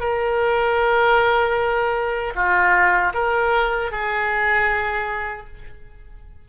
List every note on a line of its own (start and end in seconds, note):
0.00 2.34 A#4
2.35 3.13 F4
3.14 3.91 A#4
3.91 5.47 G#4